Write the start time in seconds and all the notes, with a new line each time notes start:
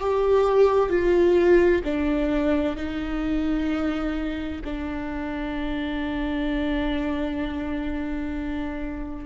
0.00 G4
0.90 F4
1.84 D4
2.77 D#4
4.64 D4